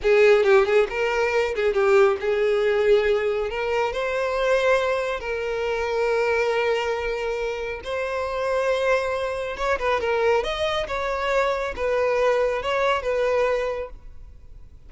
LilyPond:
\new Staff \with { instrumentName = "violin" } { \time 4/4 \tempo 4 = 138 gis'4 g'8 gis'8 ais'4. gis'8 | g'4 gis'2. | ais'4 c''2. | ais'1~ |
ais'2 c''2~ | c''2 cis''8 b'8 ais'4 | dis''4 cis''2 b'4~ | b'4 cis''4 b'2 | }